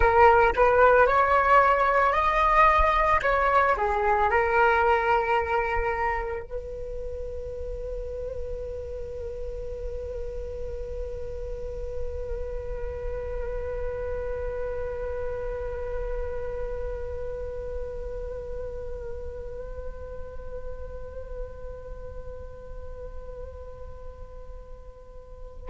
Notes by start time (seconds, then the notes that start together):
0.00 A#4
0.56 B4
1.06 C#5
2.12 D#5
3.22 C#5
3.77 G#4
4.30 A#4
6.42 B4